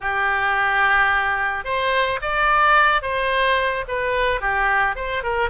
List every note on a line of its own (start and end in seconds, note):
0.00 1.64 G4
1.64 2.19 C5
2.21 3.02 D5
3.02 3.84 C5
3.88 4.40 B4
4.40 4.95 G4
4.95 5.23 C5
5.23 5.49 A#4